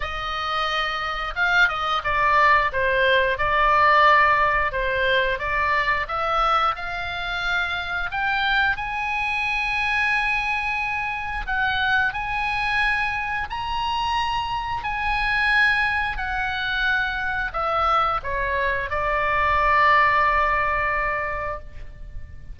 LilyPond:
\new Staff \with { instrumentName = "oboe" } { \time 4/4 \tempo 4 = 89 dis''2 f''8 dis''8 d''4 | c''4 d''2 c''4 | d''4 e''4 f''2 | g''4 gis''2.~ |
gis''4 fis''4 gis''2 | ais''2 gis''2 | fis''2 e''4 cis''4 | d''1 | }